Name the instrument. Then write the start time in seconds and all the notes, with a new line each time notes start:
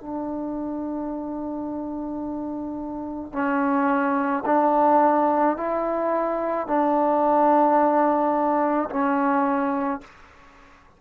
trombone
0.00 D4
3.33 C#4
4.45 D4
5.57 E4
6.67 D4
8.90 C#4